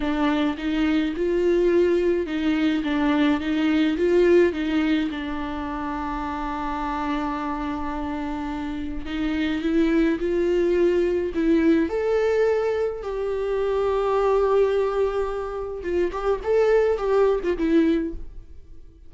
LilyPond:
\new Staff \with { instrumentName = "viola" } { \time 4/4 \tempo 4 = 106 d'4 dis'4 f'2 | dis'4 d'4 dis'4 f'4 | dis'4 d'2.~ | d'1 |
dis'4 e'4 f'2 | e'4 a'2 g'4~ | g'1 | f'8 g'8 a'4 g'8. f'16 e'4 | }